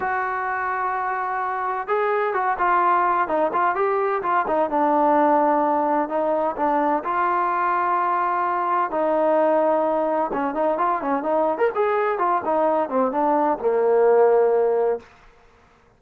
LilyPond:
\new Staff \with { instrumentName = "trombone" } { \time 4/4 \tempo 4 = 128 fis'1 | gis'4 fis'8 f'4. dis'8 f'8 | g'4 f'8 dis'8 d'2~ | d'4 dis'4 d'4 f'4~ |
f'2. dis'4~ | dis'2 cis'8 dis'8 f'8 cis'8 | dis'8. ais'16 gis'4 f'8 dis'4 c'8 | d'4 ais2. | }